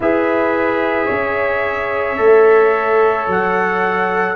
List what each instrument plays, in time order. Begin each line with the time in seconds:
0.00 tuba E4, trombone G#4, horn B4, trumpet E5
1.05 tuba C#4, horn C#5
2.17 tuba A3, trombone A4
3.27 tuba F#3, trumpet F#5